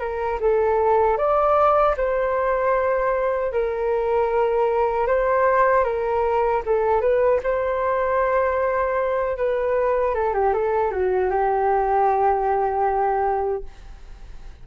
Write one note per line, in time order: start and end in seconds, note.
0.00 0.39 A#4
0.40 1.18 A4
1.18 1.96 D5
1.97 3.52 C5
3.52 5.07 A#4
5.07 5.84 C5
5.84 6.62 A#4
6.66 7.01 A4
7.01 7.40 B4
7.43 9.37 C5
9.37 10.15 B4
10.15 10.34 A4
10.34 10.53 G4
10.53 10.91 A4
10.91 11.30 F#4
11.30 13.64 G4